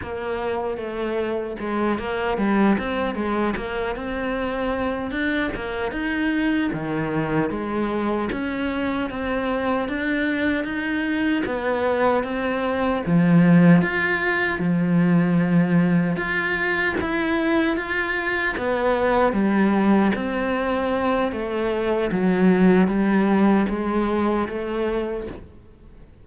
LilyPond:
\new Staff \with { instrumentName = "cello" } { \time 4/4 \tempo 4 = 76 ais4 a4 gis8 ais8 g8 c'8 | gis8 ais8 c'4. d'8 ais8 dis'8~ | dis'8 dis4 gis4 cis'4 c'8~ | c'8 d'4 dis'4 b4 c'8~ |
c'8 f4 f'4 f4.~ | f8 f'4 e'4 f'4 b8~ | b8 g4 c'4. a4 | fis4 g4 gis4 a4 | }